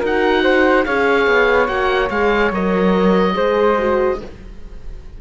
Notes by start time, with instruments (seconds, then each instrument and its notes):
0.00 cello D#4, horn F#4, flute A#4, oboe F#5
0.43 flute C5
0.85 cello C#4, horn G#4, flute C#5, oboe F5
1.27 cello B3
1.67 cello A#3, horn F#4, oboe F#5
2.10 cello G#3, horn G#4, oboe F5
2.51 cello F#3, horn A#4, oboe D#5
3.33 cello G#3, horn G#4, flute C5
3.78 horn F#4